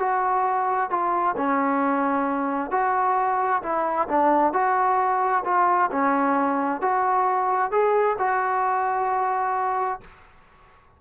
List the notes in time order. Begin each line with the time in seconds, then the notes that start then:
0.00 F#4
0.90 F4
1.38 C#4
2.72 F#4
3.63 E4
4.09 D4
4.53 F#4
5.45 F4
5.92 C#4
6.82 F#4
7.72 G#4
8.19 F#4